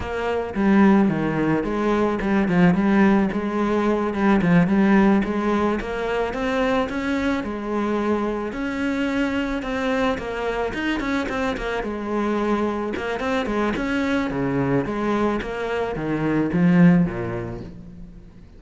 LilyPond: \new Staff \with { instrumentName = "cello" } { \time 4/4 \tempo 4 = 109 ais4 g4 dis4 gis4 | g8 f8 g4 gis4. g8 | f8 g4 gis4 ais4 c'8~ | c'8 cis'4 gis2 cis'8~ |
cis'4. c'4 ais4 dis'8 | cis'8 c'8 ais8 gis2 ais8 | c'8 gis8 cis'4 cis4 gis4 | ais4 dis4 f4 ais,4 | }